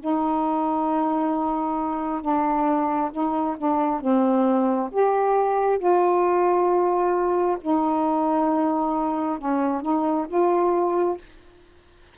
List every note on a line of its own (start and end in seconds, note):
0.00 2.22 D#4
2.22 3.11 D4
3.12 3.57 D#4
3.58 4.01 D4
4.01 4.91 C4
4.92 5.79 G4
5.79 7.58 F4
7.61 9.39 D#4
9.39 9.82 C#4
9.82 10.27 D#4
10.28 11.18 F4